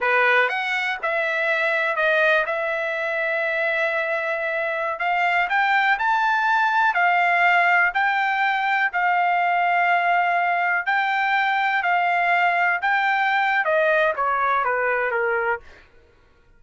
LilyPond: \new Staff \with { instrumentName = "trumpet" } { \time 4/4 \tempo 4 = 123 b'4 fis''4 e''2 | dis''4 e''2.~ | e''2~ e''16 f''4 g''8.~ | g''16 a''2 f''4.~ f''16~ |
f''16 g''2 f''4.~ f''16~ | f''2~ f''16 g''4.~ g''16~ | g''16 f''2 g''4.~ g''16 | dis''4 cis''4 b'4 ais'4 | }